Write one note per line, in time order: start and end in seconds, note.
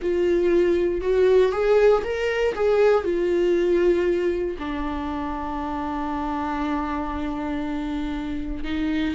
0.01 1.01 F4
1.01 1.51 F#4
1.51 2.02 G#4
2.03 2.54 A#4
2.54 3.04 G#4
3.04 4.56 F4
4.58 8.64 D4
8.64 9.15 D#4